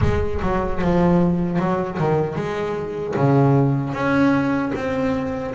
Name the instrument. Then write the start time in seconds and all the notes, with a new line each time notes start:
double bass
0.01 G#3
0.42 F#3
0.81 F3
1.59 F#3
1.99 D#3
2.35 G#3
3.16 C#3
3.93 C#4
4.75 C4